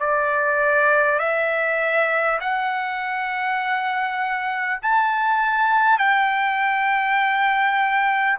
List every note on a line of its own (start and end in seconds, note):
0.00 1.19 D5
1.19 2.39 E5
2.41 4.81 F#5
4.82 5.98 A5
5.98 8.38 G5